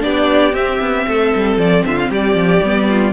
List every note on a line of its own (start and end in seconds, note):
0.00 0.52 B3
0.00 0.52 D4
0.00 1.07 G4
0.00 0.54 D5
0.52 0.78 C4
0.52 2.60 C4
0.52 1.57 E5
0.80 1.06 B3
1.07 1.33 A3
1.07 1.85 A4
1.34 1.57 G3
1.57 1.83 F3
1.57 1.84 D5
1.85 2.09 D3
1.85 2.09 F4
1.85 1.97 E5
1.97 2.10 F5
2.09 2.34 G3
2.09 2.87 G4
2.09 3.13 D5
2.34 2.60 F3
2.61 3.13 G3
2.61 3.13 B3
2.88 3.13 F4